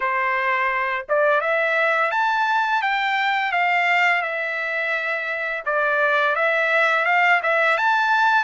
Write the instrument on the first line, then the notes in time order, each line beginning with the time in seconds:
trumpet
0.00 C5
1.08 D5
1.40 E5
2.11 A5
2.81 G5
3.52 F5
4.22 E5
5.65 D5
6.35 E5
7.05 F5
7.42 E5
7.77 A5